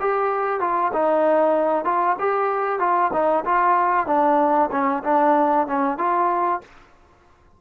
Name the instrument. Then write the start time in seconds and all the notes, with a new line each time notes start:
trombone
0.00 G4
0.60 F4
0.93 D#4
1.85 F4
2.19 G4
2.79 F4
3.13 D#4
3.45 F4
4.07 D4
4.71 C#4
5.04 D4
5.67 C#4
5.97 F4